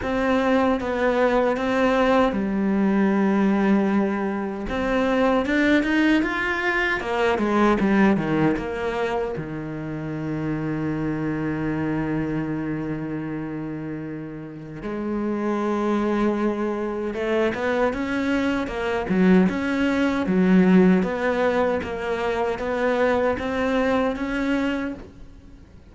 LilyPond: \new Staff \with { instrumentName = "cello" } { \time 4/4 \tempo 4 = 77 c'4 b4 c'4 g4~ | g2 c'4 d'8 dis'8 | f'4 ais8 gis8 g8 dis8 ais4 | dis1~ |
dis2. gis4~ | gis2 a8 b8 cis'4 | ais8 fis8 cis'4 fis4 b4 | ais4 b4 c'4 cis'4 | }